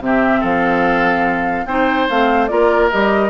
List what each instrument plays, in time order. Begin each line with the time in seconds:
0.00 bassoon C3, clarinet C4, oboe G4, flute E5
0.40 bassoon F3, oboe A4, flute F5
1.66 bassoon C4, clarinet D#4, oboe C5, flute G5
2.09 bassoon A3, clarinet C4, flute F5
2.47 bassoon A#3, clarinet F4, oboe A#4, flute D5
2.90 bassoon G3, clarinet G4, flute D#5